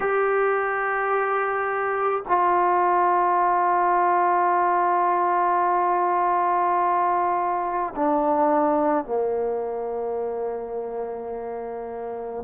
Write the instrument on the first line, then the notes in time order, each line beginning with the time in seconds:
trombone
0.00 G4
2.27 F4
7.96 D4
9.05 A#3